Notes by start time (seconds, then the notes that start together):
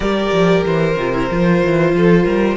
0.00 G3 G4 A#4 D5
0.32 F3
0.64 E3 C5
0.96 C3 F4
1.13 E4
1.31 F3 F4
1.63 E3
1.92 F3 A4
2.24 G3 A#4